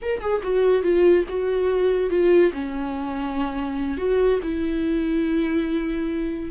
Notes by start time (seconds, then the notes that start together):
0.02 A#4
0.20 G#4
0.43 F#4
0.82 F4
1.28 F#4
2.10 F4
2.52 C#4
3.97 F#4
4.42 E4